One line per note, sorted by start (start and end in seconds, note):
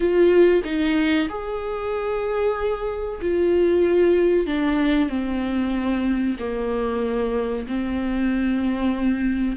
0.00 0.62 F4
0.64 1.28 D#4
1.28 3.20 G#4
3.21 4.46 F4
4.46 5.09 D4
5.09 6.36 C4
6.39 7.66 A#3
7.67 9.56 C4